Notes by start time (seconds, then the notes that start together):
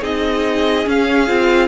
0.00 C4 D#4 G#4 D#5
0.85 C#4 F5
1.27 C4 F4